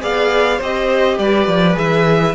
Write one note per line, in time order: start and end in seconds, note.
0.00 0.60 B3
0.00 0.58 G#4
0.00 0.57 D5
0.00 0.61 F5
0.57 1.18 C4
0.57 1.73 G4
0.57 1.16 C5
0.57 1.18 D#5
1.18 1.47 G3
1.18 2.34 B4
1.18 1.76 D5
1.47 1.76 F3
1.73 2.34 E3
1.73 2.32 G#4
1.73 2.34 E5